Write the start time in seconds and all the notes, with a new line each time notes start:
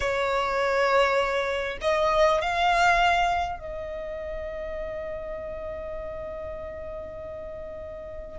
0.00 C#5
1.81 D#5
2.41 F5
3.59 D#5